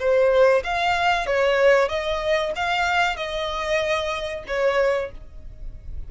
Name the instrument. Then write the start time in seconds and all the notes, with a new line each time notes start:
violin
0.00 C5
0.64 F5
1.27 C#5
1.89 D#5
2.56 F5
3.17 D#5
4.48 C#5